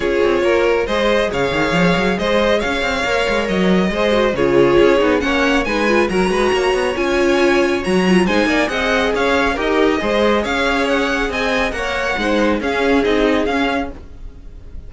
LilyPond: <<
  \new Staff \with { instrumentName = "violin" } { \time 4/4 \tempo 4 = 138 cis''2 dis''4 f''4~ | f''4 dis''4 f''2 | dis''2 cis''2 | fis''4 gis''4 ais''2 |
gis''2 ais''4 gis''4 | fis''4 f''4 dis''2 | f''4 fis''4 gis''4 fis''4~ | fis''4 f''4 dis''4 f''4 | }
  \new Staff \with { instrumentName = "violin" } { \time 4/4 gis'4 ais'4 c''4 cis''4~ | cis''4 c''4 cis''2~ | cis''4 c''4 gis'2 | cis''4 b'4 ais'8 b'8 cis''4~ |
cis''2. c''8 d''8 | dis''4 cis''4 ais'4 c''4 | cis''2 dis''4 cis''4 | c''4 gis'2. | }
  \new Staff \with { instrumentName = "viola" } { \time 4/4 f'2 gis'2~ | gis'2. ais'4~ | ais'4 gis'8 fis'8 f'4. dis'8 | cis'4 dis'8 f'8 fis'2 |
f'2 fis'8 f'8 dis'4 | gis'2 g'4 gis'4~ | gis'2. ais'4 | dis'4 cis'4 dis'4 cis'4 | }
  \new Staff \with { instrumentName = "cello" } { \time 4/4 cis'8 c'8 ais4 gis4 cis8 dis8 | f8 fis8 gis4 cis'8 c'8 ais8 gis8 | fis4 gis4 cis4 cis'8 b8 | ais4 gis4 fis8 gis8 ais8 b8 |
cis'2 fis4 gis8 ais8 | c'4 cis'4 dis'4 gis4 | cis'2 c'4 ais4 | gis4 cis'4 c'4 cis'4 | }
>>